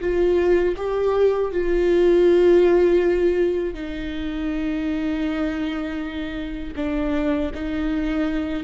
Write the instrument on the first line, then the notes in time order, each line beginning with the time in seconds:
viola
0.00 F4
0.76 G4
1.51 F4
3.74 D#4
6.76 D4
7.54 D#4